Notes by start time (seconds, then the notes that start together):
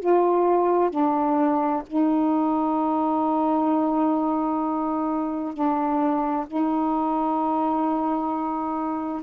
0.00 F4
0.90 D4
1.87 D#4
5.54 D4
6.47 D#4